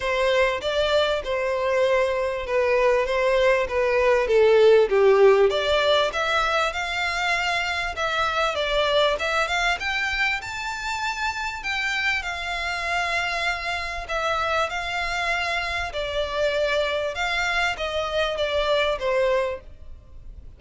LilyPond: \new Staff \with { instrumentName = "violin" } { \time 4/4 \tempo 4 = 98 c''4 d''4 c''2 | b'4 c''4 b'4 a'4 | g'4 d''4 e''4 f''4~ | f''4 e''4 d''4 e''8 f''8 |
g''4 a''2 g''4 | f''2. e''4 | f''2 d''2 | f''4 dis''4 d''4 c''4 | }